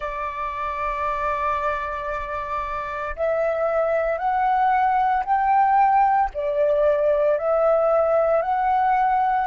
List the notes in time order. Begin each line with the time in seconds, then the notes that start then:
0.00 D5
3.16 E5
4.18 F#5
5.24 G5
6.33 D5
7.37 E5
8.42 F#5